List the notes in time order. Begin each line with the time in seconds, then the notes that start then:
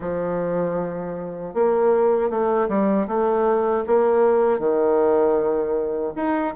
0.00 F3
1.53 A#3
2.30 A3
2.68 G3
3.07 A3
3.86 A#3
4.59 D#3
6.15 D#4